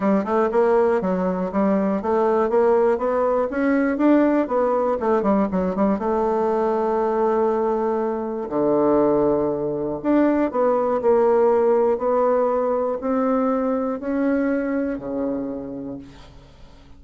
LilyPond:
\new Staff \with { instrumentName = "bassoon" } { \time 4/4 \tempo 4 = 120 g8 a8 ais4 fis4 g4 | a4 ais4 b4 cis'4 | d'4 b4 a8 g8 fis8 g8 | a1~ |
a4 d2. | d'4 b4 ais2 | b2 c'2 | cis'2 cis2 | }